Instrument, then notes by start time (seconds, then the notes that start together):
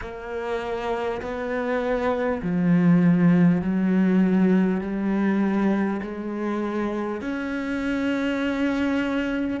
cello
0.01 A#3
1.21 B3
2.42 F3
3.61 F#3
4.80 G3
6.02 G#3
7.21 C#4